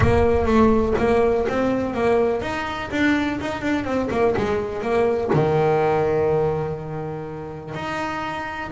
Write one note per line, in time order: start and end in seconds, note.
0.00 0.45 A#3
0.45 0.93 A3
0.98 1.46 A#3
1.48 1.94 C4
1.94 2.41 A#3
2.41 2.89 D#4
2.91 3.39 D4
3.40 3.61 D#4
3.61 3.84 D4
3.84 4.08 C4
4.10 4.35 A#3
4.37 4.81 G#3
4.81 5.30 A#3
5.33 7.74 D#3
7.74 8.71 D#4